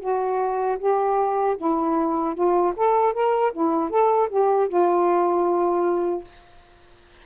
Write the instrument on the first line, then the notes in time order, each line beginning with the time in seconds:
saxophone
0.00 F#4
0.79 G4
1.58 E4
2.35 F4
2.77 A4
3.13 A#4
3.53 E4
3.90 A4
4.30 G4
4.69 F4